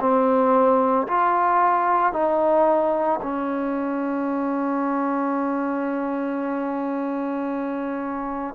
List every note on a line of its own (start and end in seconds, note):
0.00 1.07 C4
1.07 2.12 F4
2.12 3.19 D#4
3.22 8.54 C#4